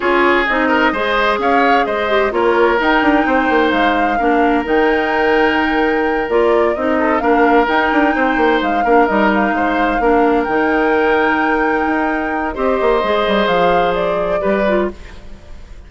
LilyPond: <<
  \new Staff \with { instrumentName = "flute" } { \time 4/4 \tempo 4 = 129 cis''4 dis''2 f''4 | dis''4 cis''4 g''2 | f''2 g''2~ | g''4. d''4 dis''4 f''8~ |
f''8 g''2 f''4 dis''8 | f''2~ f''8 g''4.~ | g''2. dis''4~ | dis''4 f''4 d''2 | }
  \new Staff \with { instrumentName = "oboe" } { \time 4/4 gis'4. ais'8 c''4 cis''4 | c''4 ais'2 c''4~ | c''4 ais'2.~ | ais'2. a'8 ais'8~ |
ais'4. c''4. ais'4~ | ais'8 c''4 ais'2~ ais'8~ | ais'2. c''4~ | c''2. b'4 | }
  \new Staff \with { instrumentName = "clarinet" } { \time 4/4 f'4 dis'4 gis'2~ | gis'8 g'8 f'4 dis'2~ | dis'4 d'4 dis'2~ | dis'4. f'4 dis'4 d'8~ |
d'8 dis'2~ dis'8 d'8 dis'8~ | dis'4. d'4 dis'4.~ | dis'2. g'4 | gis'2. g'8 f'8 | }
  \new Staff \with { instrumentName = "bassoon" } { \time 4/4 cis'4 c'4 gis4 cis'4 | gis4 ais4 dis'8 d'8 c'8 ais8 | gis4 ais4 dis2~ | dis4. ais4 c'4 ais8~ |
ais8 dis'8 d'8 c'8 ais8 gis8 ais8 g8~ | g8 gis4 ais4 dis4.~ | dis4. dis'4. c'8 ais8 | gis8 g8 f2 g4 | }
>>